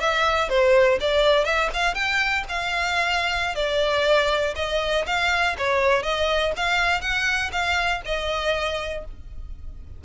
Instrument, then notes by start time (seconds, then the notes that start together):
violin
0.00 E5
0.49 C5
1.00 D5
1.45 E5
1.73 F5
1.94 G5
2.49 F5
3.55 D5
4.56 D#5
5.06 F5
5.58 C#5
6.03 D#5
6.56 F5
7.01 F#5
7.52 F5
8.05 D#5